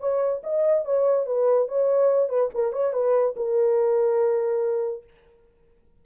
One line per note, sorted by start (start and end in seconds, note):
0.00 0.42 C#5
0.43 0.85 D#5
0.85 1.26 C#5
1.26 1.68 B4
1.68 2.29 C#5
2.29 2.50 B4
2.54 2.73 A#4
2.73 2.93 C#5
2.93 3.35 B4
3.36 5.04 A#4